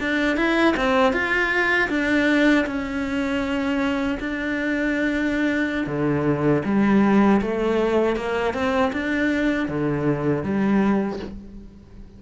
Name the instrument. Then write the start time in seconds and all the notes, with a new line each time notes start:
cello
0.00 D4
0.37 E4
0.76 C4
1.13 F4
1.89 D4
2.66 C#4
4.19 D4
5.86 D3
6.65 G3
7.41 A3
8.16 A#3
8.54 C4
8.92 D4
9.68 D3
10.43 G3